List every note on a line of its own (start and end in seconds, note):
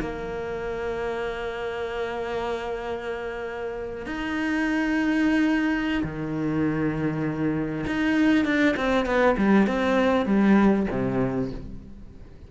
0.00 4.06 A#3
4.06 6.03 D#4
6.03 7.85 D#3
7.87 8.45 D#4
8.45 8.75 D4
8.76 9.06 C4
9.06 9.36 B3
9.37 9.67 G3
9.67 10.26 C4
10.26 10.86 G3
10.90 11.51 C3